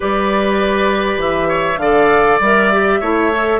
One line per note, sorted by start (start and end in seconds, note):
0.00 1.17 G3
0.00 1.77 G4
0.00 1.48 B4
0.00 1.20 D5
1.17 1.77 E3
1.17 1.78 E5
1.48 1.78 C#5
1.77 2.37 D3
1.77 2.41 A4
1.77 3.00 D5
1.77 2.38 F5
2.40 3.00 G3
2.40 2.72 A#4
2.40 3.60 E5
2.72 3.02 G4
3.00 3.60 A3
3.00 3.31 E4
3.00 3.60 C#5
3.31 3.60 A4